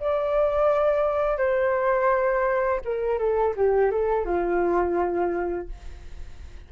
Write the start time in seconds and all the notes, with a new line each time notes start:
0.00 D5
1.38 C5
2.85 A#4
3.19 A4
3.56 G4
3.91 A4
4.26 F4